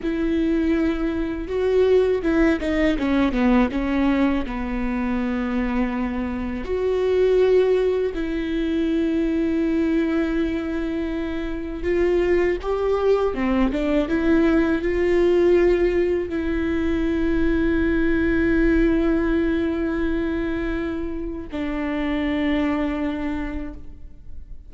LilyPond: \new Staff \with { instrumentName = "viola" } { \time 4/4 \tempo 4 = 81 e'2 fis'4 e'8 dis'8 | cis'8 b8 cis'4 b2~ | b4 fis'2 e'4~ | e'1 |
f'4 g'4 c'8 d'8 e'4 | f'2 e'2~ | e'1~ | e'4 d'2. | }